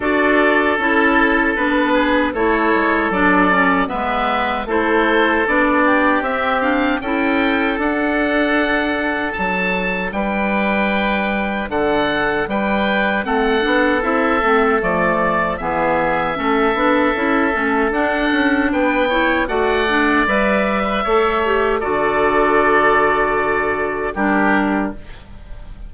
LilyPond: <<
  \new Staff \with { instrumentName = "oboe" } { \time 4/4 \tempo 4 = 77 d''4 a'4 b'4 cis''4 | d''4 e''4 c''4 d''4 | e''8 f''8 g''4 fis''2 | a''4 g''2 fis''4 |
g''4 fis''4 e''4 d''4 | e''2. fis''4 | g''4 fis''4 e''2 | d''2. ais'4 | }
  \new Staff \with { instrumentName = "oboe" } { \time 4/4 a'2~ a'8 gis'8 a'4~ | a'4 b'4 a'4. g'8~ | g'4 a'2.~ | a'4 b'2 a'4 |
b'4 a'2. | gis'4 a'2. | b'8 cis''8 d''4.~ d''16 b'16 cis''4 | a'2. g'4 | }
  \new Staff \with { instrumentName = "clarinet" } { \time 4/4 fis'4 e'4 d'4 e'4 | d'8 cis'8 b4 e'4 d'4 | c'8 d'8 e'4 d'2~ | d'1~ |
d'4 c'8 d'8 e'8 c'8 a4 | b4 cis'8 d'8 e'8 cis'8 d'4~ | d'8 e'8 fis'8 d'8 b'4 a'8 g'8 | fis'2. d'4 | }
  \new Staff \with { instrumentName = "bassoon" } { \time 4/4 d'4 cis'4 b4 a8 gis8 | fis4 gis4 a4 b4 | c'4 cis'4 d'2 | fis4 g2 d4 |
g4 a8 b8 c'8 a8 f4 | e4 a8 b8 cis'8 a8 d'8 cis'8 | b4 a4 g4 a4 | d2. g4 | }
>>